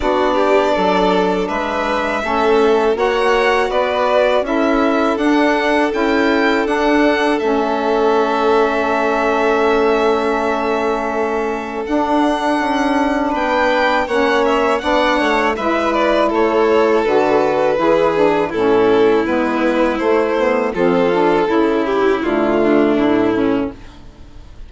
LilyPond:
<<
  \new Staff \with { instrumentName = "violin" } { \time 4/4 \tempo 4 = 81 d''2 e''2 | fis''4 d''4 e''4 fis''4 | g''4 fis''4 e''2~ | e''1 |
fis''2 g''4 fis''8 e''8 | fis''4 e''8 d''8 cis''4 b'4~ | b'4 a'4 b'4 c''4 | a'4. g'8 f'4 e'4 | }
  \new Staff \with { instrumentName = "violin" } { \time 4/4 fis'8 g'8 a'4 b'4 a'4 | cis''4 b'4 a'2~ | a'1~ | a'1~ |
a'2 b'4 cis''4 | d''8 cis''8 b'4 a'2 | gis'4 e'2. | f'4 e'4. d'4 cis'8 | }
  \new Staff \with { instrumentName = "saxophone" } { \time 4/4 d'2. cis'4 | fis'2 e'4 d'4 | e'4 d'4 cis'2~ | cis'1 |
d'2. cis'4 | d'4 e'2 fis'4 | e'8 d'8 cis'4 b4 a8 b8 | c'8 d'8 e'4 a2 | }
  \new Staff \with { instrumentName = "bassoon" } { \time 4/4 b4 fis4 gis4 a4 | ais4 b4 cis'4 d'4 | cis'4 d'4 a2~ | a1 |
d'4 cis'4 b4 ais4 | b8 a8 gis4 a4 d4 | e4 a,4 gis4 a4 | f4 cis4 d4 a,4 | }
>>